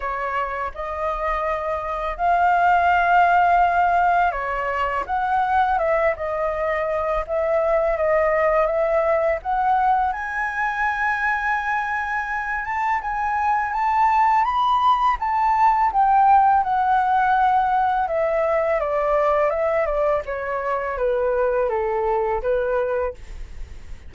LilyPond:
\new Staff \with { instrumentName = "flute" } { \time 4/4 \tempo 4 = 83 cis''4 dis''2 f''4~ | f''2 cis''4 fis''4 | e''8 dis''4. e''4 dis''4 | e''4 fis''4 gis''2~ |
gis''4. a''8 gis''4 a''4 | b''4 a''4 g''4 fis''4~ | fis''4 e''4 d''4 e''8 d''8 | cis''4 b'4 a'4 b'4 | }